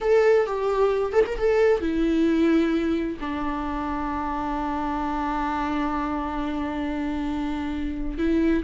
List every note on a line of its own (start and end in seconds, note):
0.00 0.46 A4
0.46 1.12 G4
1.12 1.24 A4
1.26 1.37 A#4
1.37 1.81 A4
1.81 3.17 E4
3.20 8.17 D4
8.17 8.63 E4